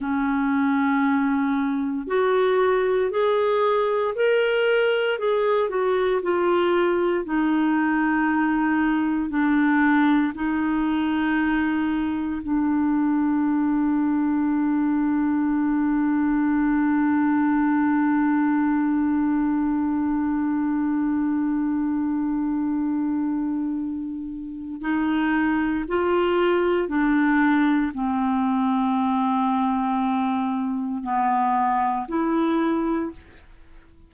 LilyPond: \new Staff \with { instrumentName = "clarinet" } { \time 4/4 \tempo 4 = 58 cis'2 fis'4 gis'4 | ais'4 gis'8 fis'8 f'4 dis'4~ | dis'4 d'4 dis'2 | d'1~ |
d'1~ | d'1 | dis'4 f'4 d'4 c'4~ | c'2 b4 e'4 | }